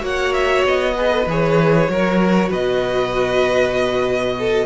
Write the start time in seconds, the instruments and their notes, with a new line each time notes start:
0.00 cello A#3, viola F#4, violin C#5 F#5
0.33 violin E5
0.65 cello B3, violin D#5
0.96 viola G#4, violin B4
1.11 viola A4
1.26 cello E3, viola G#4, violin C#5
1.88 cello F#3, viola F#4, violin A#4
2.49 cello B2, violin B4 D#5
4.39 violin A4